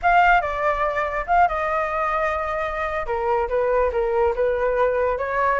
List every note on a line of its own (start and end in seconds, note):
0.02 0.41 F5
0.41 1.25 D5
1.26 1.48 F5
1.48 3.06 D#5
3.06 3.48 A#4
3.49 3.91 B4
3.92 4.34 A#4
4.35 5.18 B4
5.18 5.59 C#5